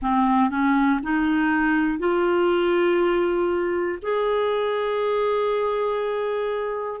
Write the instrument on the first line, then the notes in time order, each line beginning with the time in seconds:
clarinet
0.02 C4
0.50 C#4
1.03 D#4
1.99 F4
4.02 G#4